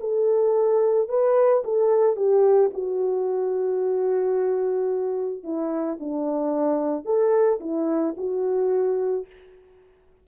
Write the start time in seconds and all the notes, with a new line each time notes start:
0.00 A4
1.09 B4
1.64 A4
2.16 G4
2.73 F#4
5.43 E4
6.00 D4
7.05 A4
7.60 E4
8.17 F#4